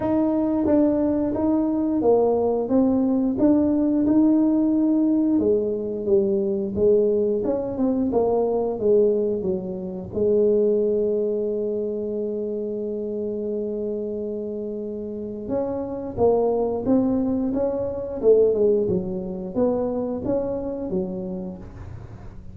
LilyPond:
\new Staff \with { instrumentName = "tuba" } { \time 4/4 \tempo 4 = 89 dis'4 d'4 dis'4 ais4 | c'4 d'4 dis'2 | gis4 g4 gis4 cis'8 c'8 | ais4 gis4 fis4 gis4~ |
gis1~ | gis2. cis'4 | ais4 c'4 cis'4 a8 gis8 | fis4 b4 cis'4 fis4 | }